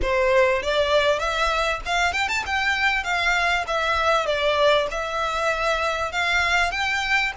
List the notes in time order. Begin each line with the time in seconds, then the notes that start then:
0.01 C5
0.62 D5
1.19 E5
1.85 F5
2.13 G5
2.28 A5
2.45 G5
3.03 F5
3.67 E5
4.26 D5
4.90 E5
6.11 F5
6.71 G5